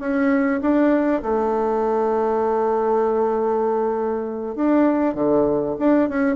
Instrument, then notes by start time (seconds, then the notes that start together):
bassoon
0.00 C#4
0.61 D4
1.22 A3
4.55 D4
5.15 D3
5.79 D4
6.09 C#4